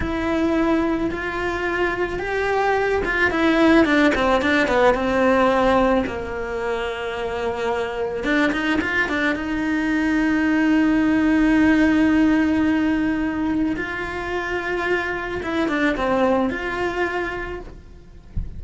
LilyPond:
\new Staff \with { instrumentName = "cello" } { \time 4/4 \tempo 4 = 109 e'2 f'2 | g'4. f'8 e'4 d'8 c'8 | d'8 b8 c'2 ais4~ | ais2. d'8 dis'8 |
f'8 d'8 dis'2.~ | dis'1~ | dis'4 f'2. | e'8 d'8 c'4 f'2 | }